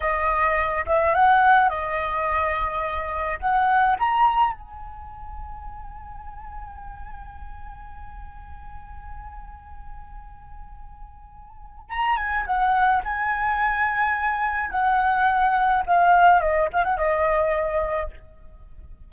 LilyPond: \new Staff \with { instrumentName = "flute" } { \time 4/4 \tempo 4 = 106 dis''4. e''8 fis''4 dis''4~ | dis''2 fis''4 ais''4 | gis''1~ | gis''1~ |
gis''1~ | gis''4 ais''8 gis''8 fis''4 gis''4~ | gis''2 fis''2 | f''4 dis''8 f''16 fis''16 dis''2 | }